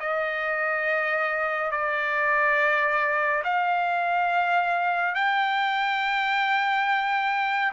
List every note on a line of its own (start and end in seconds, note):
0.00 1.71 D#5
1.71 3.42 D5
3.44 5.15 F5
5.15 7.72 G5